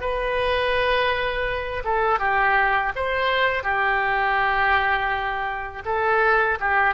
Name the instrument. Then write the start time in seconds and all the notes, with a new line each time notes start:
oboe
0.00 B4
1.84 A4
2.19 G4
2.95 C5
3.63 G4
5.85 A4
6.60 G4